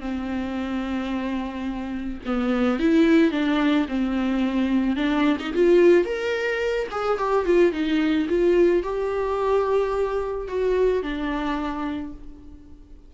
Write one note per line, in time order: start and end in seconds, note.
0.00 2.20 C4
2.25 2.79 B3
2.79 3.31 E4
3.31 3.86 D4
3.88 4.96 C4
4.96 5.37 D4
5.39 5.53 D#4
5.54 6.05 F4
6.05 6.87 A#4
6.91 7.18 G#4
7.18 7.45 G4
7.45 7.72 F4
7.72 8.27 D#4
8.29 8.82 F4
8.82 10.47 G4
10.47 11.02 F#4
11.02 12.13 D4